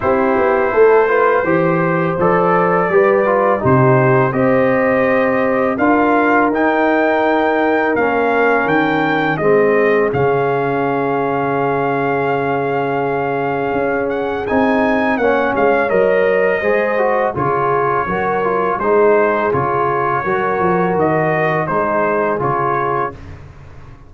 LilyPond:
<<
  \new Staff \with { instrumentName = "trumpet" } { \time 4/4 \tempo 4 = 83 c''2. d''4~ | d''4 c''4 dis''2 | f''4 g''2 f''4 | g''4 dis''4 f''2~ |
f''2.~ f''8 fis''8 | gis''4 fis''8 f''8 dis''2 | cis''2 c''4 cis''4~ | cis''4 dis''4 c''4 cis''4 | }
  \new Staff \with { instrumentName = "horn" } { \time 4/4 g'4 a'8 b'8 c''2 | b'4 g'4 c''2 | ais'1~ | ais'4 gis'2.~ |
gis'1~ | gis'4 cis''2 c''4 | gis'4 ais'4 gis'2 | ais'2 gis'2 | }
  \new Staff \with { instrumentName = "trombone" } { \time 4/4 e'4. f'8 g'4 a'4 | g'8 f'8 dis'4 g'2 | f'4 dis'2 cis'4~ | cis'4 c'4 cis'2~ |
cis'1 | dis'4 cis'4 ais'4 gis'8 fis'8 | f'4 fis'8 f'8 dis'4 f'4 | fis'2 dis'4 f'4 | }
  \new Staff \with { instrumentName = "tuba" } { \time 4/4 c'8 b8 a4 e4 f4 | g4 c4 c'2 | d'4 dis'2 ais4 | dis4 gis4 cis2~ |
cis2. cis'4 | c'4 ais8 gis8 fis4 gis4 | cis4 fis4 gis4 cis4 | fis8 f8 dis4 gis4 cis4 | }
>>